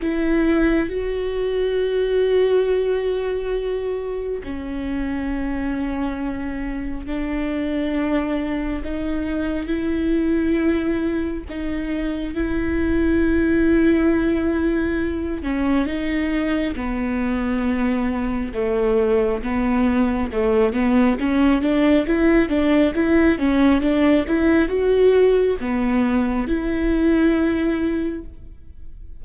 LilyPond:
\new Staff \with { instrumentName = "viola" } { \time 4/4 \tempo 4 = 68 e'4 fis'2.~ | fis'4 cis'2. | d'2 dis'4 e'4~ | e'4 dis'4 e'2~ |
e'4. cis'8 dis'4 b4~ | b4 a4 b4 a8 b8 | cis'8 d'8 e'8 d'8 e'8 cis'8 d'8 e'8 | fis'4 b4 e'2 | }